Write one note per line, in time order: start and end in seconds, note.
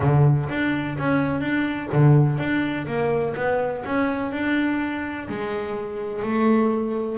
0.00 0.48 D3
0.49 0.97 D4
0.98 1.41 C#4
1.41 1.89 D4
1.92 2.38 D3
2.38 2.86 D4
2.86 3.34 A#3
3.36 3.84 B3
3.85 4.32 C#4
4.32 5.28 D4
5.28 6.22 G#3
6.22 7.18 A3